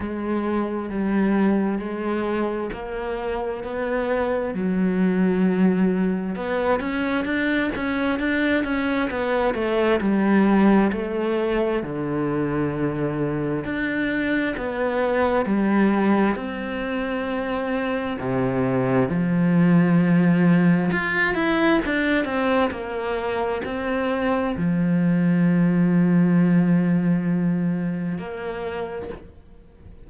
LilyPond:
\new Staff \with { instrumentName = "cello" } { \time 4/4 \tempo 4 = 66 gis4 g4 gis4 ais4 | b4 fis2 b8 cis'8 | d'8 cis'8 d'8 cis'8 b8 a8 g4 | a4 d2 d'4 |
b4 g4 c'2 | c4 f2 f'8 e'8 | d'8 c'8 ais4 c'4 f4~ | f2. ais4 | }